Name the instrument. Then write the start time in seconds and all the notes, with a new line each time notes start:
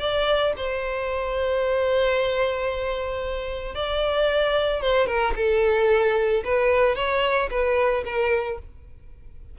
violin
0.00 D5
0.57 C5
3.75 D5
4.81 C5
5.07 A#4
5.36 A4
6.45 B4
6.96 C#5
7.51 B4
8.05 A#4